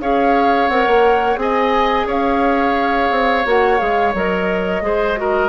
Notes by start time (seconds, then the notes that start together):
0.00 C#4 G#4 C#5 F5
0.69 C4 A#4 F#5
0.87 A#3
1.37 C4 G#4 D#5 G#5
2.06 C#4 C#5 F5
3.11 C4
3.46 A#3 F#4 F#5
3.78 G#3 G#4 F5
4.15 F#3 A#4 D#5
4.82 G#3 G#4 C5
5.17 F#4 A#4